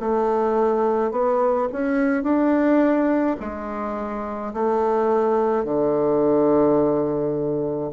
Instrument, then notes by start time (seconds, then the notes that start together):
bassoon
0.00 A3
1.12 B3
1.72 C#4
2.23 D4
3.40 G#3
4.54 A3
5.65 D3